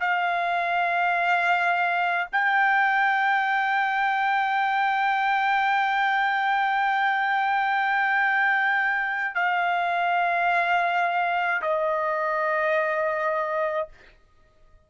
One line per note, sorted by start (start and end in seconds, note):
0.00 2.26 F5
2.32 9.34 G5
9.34 11.61 F5
11.61 13.88 D#5